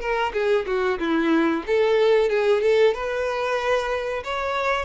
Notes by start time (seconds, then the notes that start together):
0.00 A#4
0.33 G#4
0.66 F#4
0.99 E4
1.67 A4
2.30 G#4
2.62 A4
2.94 B4
4.24 C#5